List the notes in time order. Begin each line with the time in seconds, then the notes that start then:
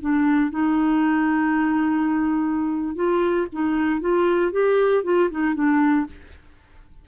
0.00 D4
0.50 D#4
2.95 F4
3.52 D#4
4.00 F4
4.51 G4
5.04 F4
5.30 D#4
5.54 D4